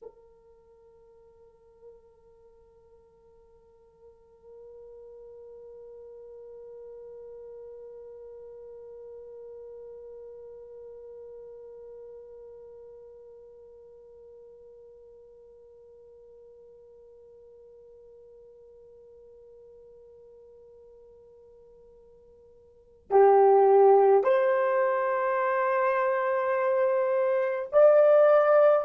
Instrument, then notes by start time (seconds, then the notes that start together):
horn
0.02 A#4
23.10 G4
24.23 C5
27.72 D5